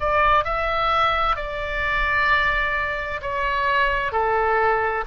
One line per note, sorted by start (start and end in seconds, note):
0.00 0.44 D5
0.44 1.36 E5
1.36 3.21 D5
3.21 4.12 C#5
4.12 5.04 A4